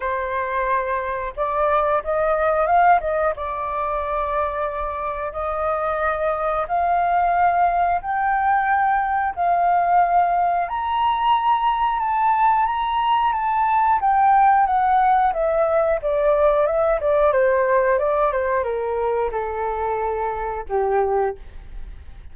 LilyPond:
\new Staff \with { instrumentName = "flute" } { \time 4/4 \tempo 4 = 90 c''2 d''4 dis''4 | f''8 dis''8 d''2. | dis''2 f''2 | g''2 f''2 |
ais''2 a''4 ais''4 | a''4 g''4 fis''4 e''4 | d''4 e''8 d''8 c''4 d''8 c''8 | ais'4 a'2 g'4 | }